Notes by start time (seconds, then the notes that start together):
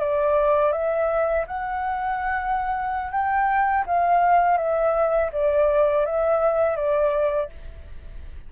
0.00 D5
0.73 E5
1.47 F#5
3.12 G5
3.86 F5
4.58 E5
5.32 D5
6.06 E5
6.76 D5